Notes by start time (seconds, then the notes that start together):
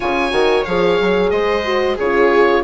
0.00 C#3 F4 C#5 G#5
0.31 D#3 F#4
0.65 F3 G#4 F5
1.00 F#3
1.30 G#3 C5 D#5
1.64 F#4
1.95 C#3 G#4 C#5
2.01 F4